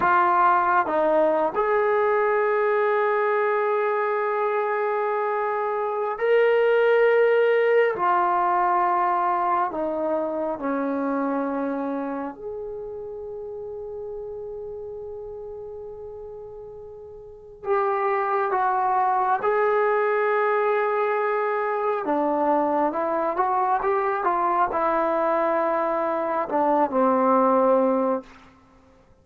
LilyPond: \new Staff \with { instrumentName = "trombone" } { \time 4/4 \tempo 4 = 68 f'4 dis'8. gis'2~ gis'16~ | gis'2. ais'4~ | ais'4 f'2 dis'4 | cis'2 gis'2~ |
gis'1 | g'4 fis'4 gis'2~ | gis'4 d'4 e'8 fis'8 g'8 f'8 | e'2 d'8 c'4. | }